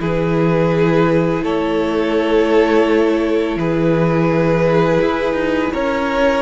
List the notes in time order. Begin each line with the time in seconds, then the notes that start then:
0.00 E3 E4 G#4 B4
1.42 A3 A4 C#5
3.56 E3 G#4 B4
5.01 E4
5.33 D#4
5.74 C#4 A#4 C#5